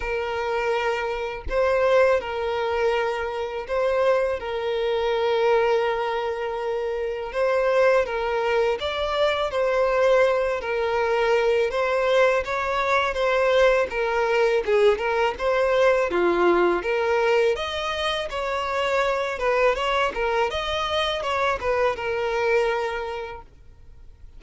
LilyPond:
\new Staff \with { instrumentName = "violin" } { \time 4/4 \tempo 4 = 82 ais'2 c''4 ais'4~ | ais'4 c''4 ais'2~ | ais'2 c''4 ais'4 | d''4 c''4. ais'4. |
c''4 cis''4 c''4 ais'4 | gis'8 ais'8 c''4 f'4 ais'4 | dis''4 cis''4. b'8 cis''8 ais'8 | dis''4 cis''8 b'8 ais'2 | }